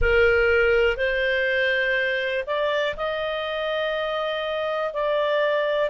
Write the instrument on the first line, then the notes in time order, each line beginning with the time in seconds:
clarinet
0.01 A#4
0.97 C5
2.46 D5
2.96 D#5
4.93 D5